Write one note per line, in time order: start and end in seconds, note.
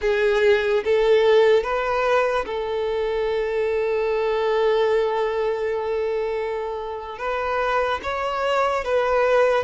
0.01 0.83 G#4
0.84 1.63 A4
1.63 2.45 B4
2.45 7.18 A4
7.18 8.00 B4
8.02 8.84 C#5
8.84 9.64 B4